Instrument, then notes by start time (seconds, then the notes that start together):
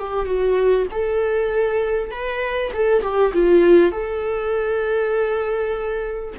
viola
0.00 G4
0.26 F#4
0.92 A4
2.11 B4
2.74 A4
3.02 G4
3.34 F4
3.92 A4